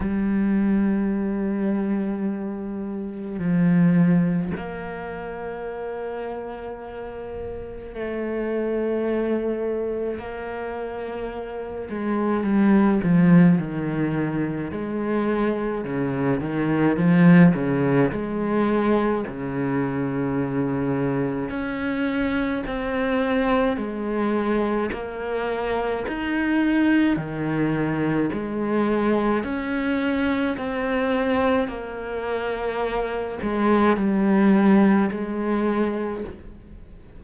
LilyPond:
\new Staff \with { instrumentName = "cello" } { \time 4/4 \tempo 4 = 53 g2. f4 | ais2. a4~ | a4 ais4. gis8 g8 f8 | dis4 gis4 cis8 dis8 f8 cis8 |
gis4 cis2 cis'4 | c'4 gis4 ais4 dis'4 | dis4 gis4 cis'4 c'4 | ais4. gis8 g4 gis4 | }